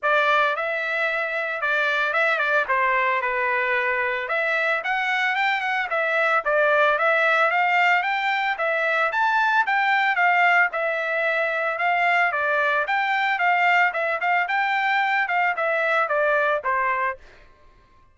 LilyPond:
\new Staff \with { instrumentName = "trumpet" } { \time 4/4 \tempo 4 = 112 d''4 e''2 d''4 | e''8 d''8 c''4 b'2 | e''4 fis''4 g''8 fis''8 e''4 | d''4 e''4 f''4 g''4 |
e''4 a''4 g''4 f''4 | e''2 f''4 d''4 | g''4 f''4 e''8 f''8 g''4~ | g''8 f''8 e''4 d''4 c''4 | }